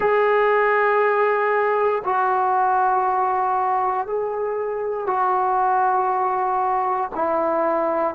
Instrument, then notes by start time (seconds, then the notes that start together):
trombone
0.00 G#4
2.04 F#4
4.06 G#4
5.07 F#4
7.14 E4